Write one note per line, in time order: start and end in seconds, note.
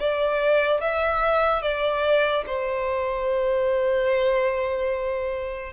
0.00 0.81 D5
0.81 1.62 E5
1.62 2.44 D5
2.47 5.73 C5